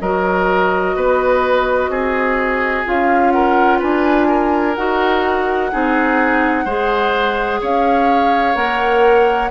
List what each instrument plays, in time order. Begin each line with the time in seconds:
0.00 bassoon F#3, clarinet F#4, oboe A#4, flute D#5
0.96 bassoon B3, oboe B4
1.89 bassoon C4, oboe G#4
2.86 bassoon C#4, clarinet F4, flute F5
3.31 oboe A#4, flute F#5
3.79 bassoon D4, oboe B4, flute G#5
4.28 oboe A#4
4.75 bassoon D#4, clarinet F#4, flute F#5
5.71 bassoon C4, clarinet D#4, oboe G#4
6.65 bassoon G#3, clarinet G#4, oboe C5
7.61 bassoon C#4, oboe C#5, flute F5
8.54 bassoon A#3, clarinet A#4, flute F#5